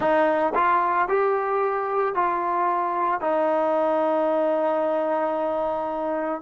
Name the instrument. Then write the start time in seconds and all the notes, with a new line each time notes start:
trombone
0.00 D#4
0.54 F4
1.08 G4
2.14 F4
3.20 D#4